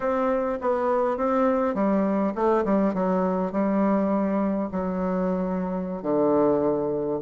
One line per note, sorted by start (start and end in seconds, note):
0.00 0.58 C4
0.61 1.17 B3
1.17 1.74 C4
1.74 2.33 G3
2.35 2.64 A3
2.64 2.94 G3
2.94 3.51 F#3
3.51 4.69 G3
4.71 6.02 F#3
6.02 7.20 D3